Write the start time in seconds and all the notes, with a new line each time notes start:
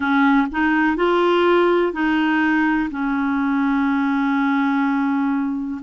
0.00 C#4
0.51 D#4
0.96 F4
1.92 D#4
2.90 C#4